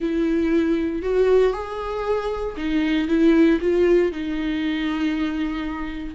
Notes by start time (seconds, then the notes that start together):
0.00 E4
1.02 F#4
1.53 G#4
2.56 D#4
3.08 E4
3.60 F4
4.12 D#4